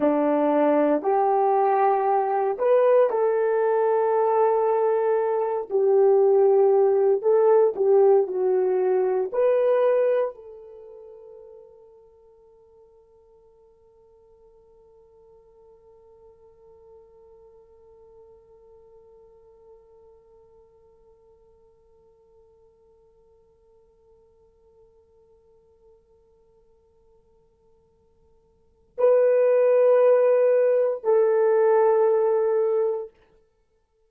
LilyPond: \new Staff \with { instrumentName = "horn" } { \time 4/4 \tempo 4 = 58 d'4 g'4. b'8 a'4~ | a'4. g'4. a'8 g'8 | fis'4 b'4 a'2~ | a'1~ |
a'1~ | a'1~ | a'1 | b'2 a'2 | }